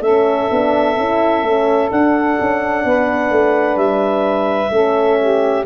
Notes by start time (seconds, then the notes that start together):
0.00 A3 C#4 A4 E5
0.49 B3 D4
0.97 C#4 E4
1.42 A3 C#4
1.90 D4 F#5
2.40 C#4
2.84 B3 B4
3.30 A3
3.76 G3 E5
4.70 A3 C#4 A4
5.19 G4